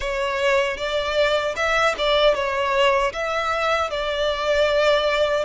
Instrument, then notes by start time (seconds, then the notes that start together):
violin
0.00 C#5
0.77 D5
1.55 E5
1.98 D5
2.34 C#5
3.12 E5
3.90 D5